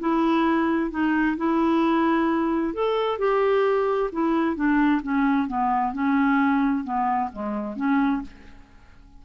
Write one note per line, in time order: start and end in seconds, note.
0.00 0.91 E4
0.91 1.37 D#4
1.37 2.74 E4
2.74 3.19 A4
3.19 4.10 G4
4.13 4.56 E4
4.56 5.02 D4
5.03 5.48 C#4
5.48 5.94 B3
5.94 6.85 C#4
6.85 7.30 B3
7.33 7.76 G#3
7.76 8.22 C#4